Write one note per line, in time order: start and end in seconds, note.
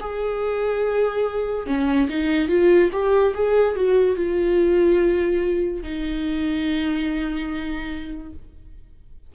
0.00 1.67 G#4
1.67 2.08 C#4
2.09 2.49 D#4
2.49 2.91 F4
2.93 3.34 G4
3.35 3.76 G#4
3.76 4.16 F#4
4.16 5.83 F4
5.83 8.33 D#4